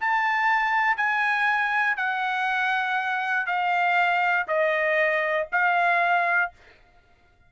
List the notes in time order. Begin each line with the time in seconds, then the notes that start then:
0.00 A5
0.96 G#5
1.96 F#5
3.46 F5
4.47 D#5
5.52 F5